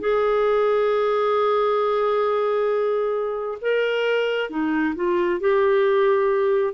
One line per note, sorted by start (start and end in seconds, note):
0.00 3.58 G#4
3.61 4.50 A#4
4.50 4.95 D#4
4.95 5.40 F4
5.40 6.74 G4